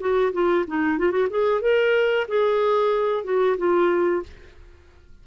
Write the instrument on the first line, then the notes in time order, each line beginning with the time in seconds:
clarinet
0.00 F#4
0.33 F4
0.68 D#4
0.99 F4
1.12 F#4
1.30 G#4
1.62 A#4
2.28 G#4
3.24 F#4
3.58 F4